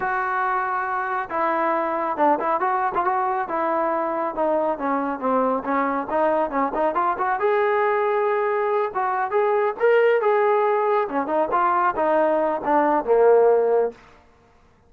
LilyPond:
\new Staff \with { instrumentName = "trombone" } { \time 4/4 \tempo 4 = 138 fis'2. e'4~ | e'4 d'8 e'8 fis'8. f'16 fis'4 | e'2 dis'4 cis'4 | c'4 cis'4 dis'4 cis'8 dis'8 |
f'8 fis'8 gis'2.~ | gis'8 fis'4 gis'4 ais'4 gis'8~ | gis'4. cis'8 dis'8 f'4 dis'8~ | dis'4 d'4 ais2 | }